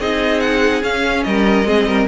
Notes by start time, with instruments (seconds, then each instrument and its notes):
0.00 cello C4, viola D#4, violin G#4 D#5
0.40 violin F#5
0.83 cello C#4, viola C#4, violin F5
1.24 cello G3, violin A#4 D#5
1.65 cello G#3, viola C4, violin G#4
1.86 cello G3, violin A#4